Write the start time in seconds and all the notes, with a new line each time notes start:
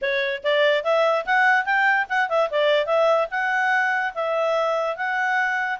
0.01 C#5
0.43 D5
0.84 E5
1.25 F#5
1.65 G5
2.09 F#5
2.29 E5
2.50 D5
2.86 E5
3.30 F#5
4.14 E5
4.96 F#5